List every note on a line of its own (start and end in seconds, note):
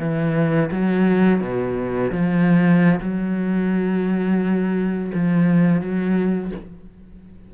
0.00 0.71 E3
0.72 1.41 F#3
1.41 2.11 B2
2.12 3.00 F3
3.00 5.12 F#3
5.14 5.81 F3
5.81 6.52 F#3